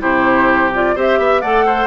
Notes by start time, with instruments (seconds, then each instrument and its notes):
0.00 bassoon C3, clarinet E4, oboe G4, flute C5
0.74 clarinet F4, flute D5
0.96 bassoon C4, clarinet G4, oboe C5, flute E5
1.19 bassoon B3, oboe E5
1.41 bassoon A3, clarinet A4, oboe D5, flute F#5
1.66 oboe C5